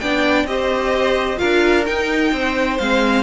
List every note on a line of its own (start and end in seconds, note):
0.00 0.45 B3
0.00 0.48 D4
0.00 0.47 D5
0.00 0.47 G5
0.45 1.38 C4
0.45 1.37 G4
0.45 1.40 C5
0.45 1.39 D#5
1.37 1.89 D4
1.37 1.84 F4
1.37 2.33 A#4
1.37 1.85 F5
1.87 2.80 D#4
1.87 2.32 D#4
1.87 2.79 G5
2.32 2.79 C4
2.32 3.24 C5
2.79 3.24 G#3
2.79 3.24 C4
2.79 3.24 F5